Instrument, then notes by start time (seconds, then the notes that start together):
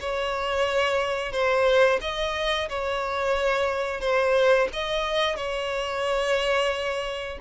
violin
0.00 C#5
1.32 C5
2.01 D#5
2.69 C#5
4.01 C5
4.73 D#5
5.36 C#5